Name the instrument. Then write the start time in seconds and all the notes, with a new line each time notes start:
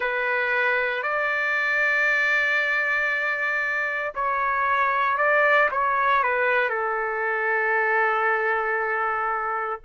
trumpet
0.00 B4
1.03 D5
4.14 C#5
5.17 D5
5.71 C#5
6.23 B4
6.69 A4